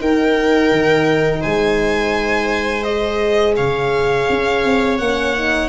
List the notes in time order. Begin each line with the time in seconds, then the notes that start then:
0.00 D#4 A#4 G5
0.72 D#3
1.41 G#3 C5 G#5
2.83 G#4 D#5
3.57 C#3 C#5 F5
4.30 C#4
4.65 C4
4.99 A#3 C#4 F#5
5.36 D#4